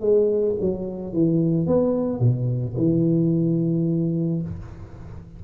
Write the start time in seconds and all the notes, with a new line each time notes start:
0.00 G#3
0.60 F#3
1.13 E3
1.66 B3
2.19 B2
2.77 E3